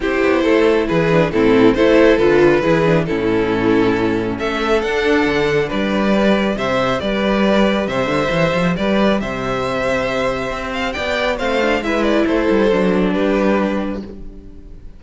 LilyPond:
<<
  \new Staff \with { instrumentName = "violin" } { \time 4/4 \tempo 4 = 137 c''2 b'4 a'4 | c''4 b'2 a'4~ | a'2 e''4 fis''4~ | fis''4 d''2 e''4 |
d''2 e''2 | d''4 e''2.~ | e''8 f''8 g''4 f''4 e''8 d''8 | c''2 b'2 | }
  \new Staff \with { instrumentName = "violin" } { \time 4/4 g'4 a'4 gis'4 e'4 | a'2 gis'4 e'4~ | e'2 a'2~ | a'4 b'2 c''4 |
b'2 c''2 | b'4 c''2.~ | c''4 d''4 c''4 b'4 | a'2 g'2 | }
  \new Staff \with { instrumentName = "viola" } { \time 4/4 e'2~ e'8 d'8 c'4 | e'4 f'4 e'8 d'8 cis'4~ | cis'2. d'4~ | d'2 g'2~ |
g'1~ | g'1~ | g'2 c'8 d'8 e'4~ | e'4 d'2. | }
  \new Staff \with { instrumentName = "cello" } { \time 4/4 c'8 b8 a4 e4 a,4 | a4 d4 e4 a,4~ | a,2 a4 d'4 | d4 g2 c4 |
g2 c8 d8 e8 f8 | g4 c2. | c'4 b4 a4 gis4 | a8 g8 fis4 g2 | }
>>